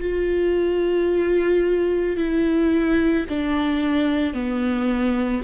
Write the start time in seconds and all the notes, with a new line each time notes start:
0.00 F4
2.17 E4
3.29 D4
4.33 B3